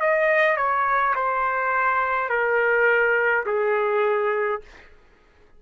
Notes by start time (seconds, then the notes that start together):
0.00 D#5
0.57 C#5
1.15 C5
2.29 A#4
3.46 G#4